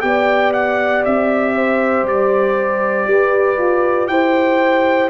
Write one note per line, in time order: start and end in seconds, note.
0.00 1.04 B3
0.00 5.08 G4
0.00 1.55 D5
0.00 0.51 G5
0.53 1.03 F#5
1.04 2.02 C4
1.04 2.06 E5
1.55 3.07 C5
2.02 3.04 G3
2.02 4.07 D5
3.06 3.57 G4
3.06 4.10 B4
3.57 4.08 F4
4.07 5.10 E4
4.07 5.10 C5
4.07 5.09 G5